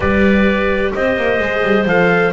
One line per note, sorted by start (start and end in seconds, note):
0.00 0.91 G3
0.00 1.41 G4
0.00 0.94 B4
0.00 0.92 D5
0.93 1.16 C4
0.93 2.33 C5
0.93 1.87 D#5
1.16 1.39 A#3
1.39 1.62 G#3
1.39 1.88 G#4
1.62 1.85 G3
1.85 2.32 F3
1.85 2.33 A4
1.85 2.33 F5